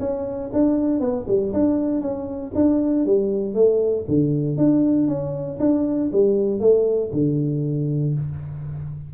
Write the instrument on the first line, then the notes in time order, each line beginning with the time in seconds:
tuba
0.00 C#4
0.53 D4
1.00 B3
1.28 G3
1.54 D4
2.02 C#4
2.55 D4
3.06 G3
3.55 A3
4.08 D3
4.57 D4
5.08 C#4
5.60 D4
6.12 G3
6.60 A3
7.13 D3